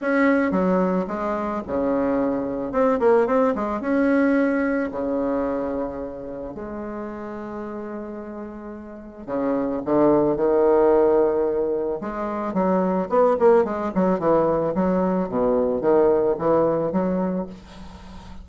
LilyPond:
\new Staff \with { instrumentName = "bassoon" } { \time 4/4 \tempo 4 = 110 cis'4 fis4 gis4 cis4~ | cis4 c'8 ais8 c'8 gis8 cis'4~ | cis'4 cis2. | gis1~ |
gis4 cis4 d4 dis4~ | dis2 gis4 fis4 | b8 ais8 gis8 fis8 e4 fis4 | b,4 dis4 e4 fis4 | }